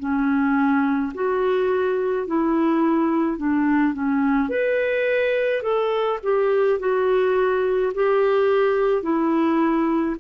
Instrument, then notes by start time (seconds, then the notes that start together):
clarinet
0.00 C#4
1.15 F#4
2.27 E4
3.38 D4
3.94 C#4
4.49 B4
5.63 A4
6.24 G4
6.80 F#4
7.95 G4
9.03 E4